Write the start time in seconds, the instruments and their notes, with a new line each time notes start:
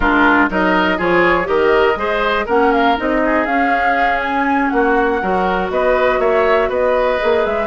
0.00 bassoon G#3, clarinet D4, oboe F4, flute A#4
0.49 bassoon F#3, clarinet D#4, oboe A#4, flute D#5
0.97 bassoon F3, clarinet F4, oboe G#4, flute C#5
1.44 bassoon D#3, clarinet G4, oboe A#4, flute D#5
1.95 bassoon G#3, clarinet G#4, oboe C5
2.45 bassoon A#3, clarinet C#4, oboe A#4, flute F#5
2.72 flute F5
2.96 bassoon C4, clarinet D#4, flute D#5
3.25 oboe G#4
3.45 bassoon C#4, clarinet C#4, flute F5
4.20 flute G#5
4.69 bassoon A#3, oboe F#4, flute F#5
5.21 bassoon F#3, clarinet F#4, oboe A#4
5.70 bassoon B3, oboe B4, flute D#5
6.18 bassoon A#3, oboe C#5, flute E5
6.69 bassoon B3, oboe B4, flute D#5
7.19 bassoon A#3, clarinet G#4
7.45 bassoon G#3, flute E5